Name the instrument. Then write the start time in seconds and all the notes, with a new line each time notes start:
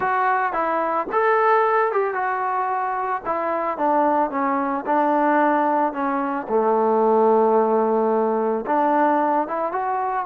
trombone
0.00 F#4
0.53 E4
1.12 A4
1.92 G4
2.14 F#4
3.25 E4
3.77 D4
4.30 C#4
4.86 D4
5.92 C#4
6.48 A3
8.66 D4
9.47 E4
9.71 F#4